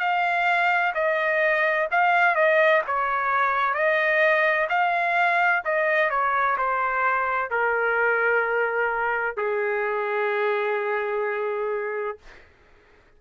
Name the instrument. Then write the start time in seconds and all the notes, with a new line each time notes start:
trumpet
0.00 F5
0.95 D#5
1.92 F5
2.36 D#5
2.87 C#5
3.75 D#5
4.70 F5
5.65 D#5
6.11 C#5
6.58 C5
7.51 A#4
9.37 G#4